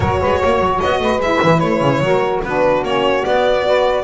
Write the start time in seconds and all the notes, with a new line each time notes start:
0.00 F#3 F#4 A#4 C#5
0.20 G#3 B4
0.40 A#3 C#5
0.59 F#3
0.79 B3 D#5
0.99 A3 B4
1.18 G#3 E4 E5
1.43 E3
1.59 A3 C#5
1.80 C#3
2.00 F#3 F#4 A#4
2.43 B3 D4 F#4 B4
2.83 A#3 C#4 C#5
3.24 B3 D5
3.63 F#4 B4